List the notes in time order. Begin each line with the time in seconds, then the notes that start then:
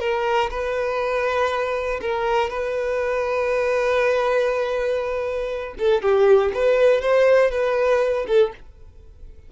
0.00 A#4
0.50 B4
2.01 A#4
2.50 B4
5.79 A4
6.02 G4
6.54 B4
7.01 C5
7.51 B4
8.27 A4